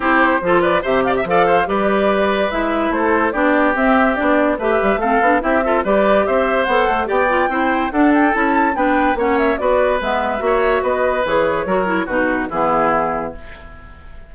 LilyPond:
<<
  \new Staff \with { instrumentName = "flute" } { \time 4/4 \tempo 4 = 144 c''4. d''8 e''8 f''16 e''16 f''4 | d''2 e''4 c''4 | d''4 e''4 d''4 e''4 | f''4 e''4 d''4 e''4 |
fis''4 g''2 fis''8 g''8 | a''4 g''4 fis''8 e''8 d''4 | e''2 dis''4 cis''4~ | cis''4 b'4 gis'2 | }
  \new Staff \with { instrumentName = "oboe" } { \time 4/4 g'4 a'8 b'8 c''8 d''16 e''16 d''8 c''8 | b'2. a'4 | g'2. b'4 | a'4 g'8 a'8 b'4 c''4~ |
c''4 d''4 c''4 a'4~ | a'4 b'4 cis''4 b'4~ | b'4 cis''4 b'2 | ais'4 fis'4 e'2 | }
  \new Staff \with { instrumentName = "clarinet" } { \time 4/4 e'4 f'4 g'4 a'4 | g'2 e'2 | d'4 c'4 d'4 g'4 | c'8 d'8 e'8 f'8 g'2 |
a'4 g'8 f'8 e'4 d'4 | e'4 d'4 cis'4 fis'4 | b4 fis'2 gis'4 | fis'8 e'8 dis'4 b2 | }
  \new Staff \with { instrumentName = "bassoon" } { \time 4/4 c'4 f4 c4 f4 | g2 gis4 a4 | b4 c'4 b4 a8 g8 | a8 b8 c'4 g4 c'4 |
b8 a8 b4 c'4 d'4 | cis'4 b4 ais4 b4 | gis4 ais4 b4 e4 | fis4 b,4 e2 | }
>>